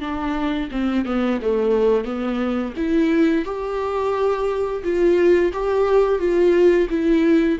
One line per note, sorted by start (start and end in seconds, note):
0.00 0.69 D4
0.71 1.05 C4
1.05 1.40 B3
1.42 2.04 A3
2.04 2.73 B3
2.76 3.45 E4
3.45 4.83 G4
4.83 5.52 F4
5.53 6.19 G4
6.19 6.88 F4
6.89 7.58 E4